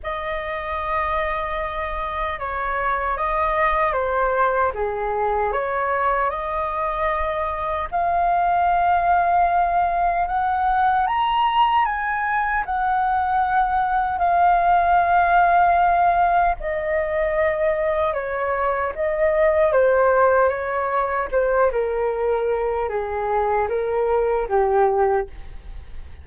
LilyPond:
\new Staff \with { instrumentName = "flute" } { \time 4/4 \tempo 4 = 76 dis''2. cis''4 | dis''4 c''4 gis'4 cis''4 | dis''2 f''2~ | f''4 fis''4 ais''4 gis''4 |
fis''2 f''2~ | f''4 dis''2 cis''4 | dis''4 c''4 cis''4 c''8 ais'8~ | ais'4 gis'4 ais'4 g'4 | }